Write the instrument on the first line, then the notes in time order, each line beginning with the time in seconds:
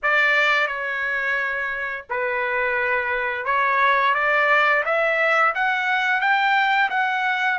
trumpet
0.03 D5
0.67 C#5
2.09 B4
3.45 C#5
4.14 D5
4.85 E5
5.55 F#5
6.20 G5
6.90 F#5